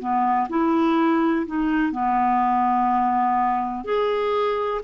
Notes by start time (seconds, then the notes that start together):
0.00 B3
0.50 E4
1.47 D#4
1.93 B3
3.85 G#4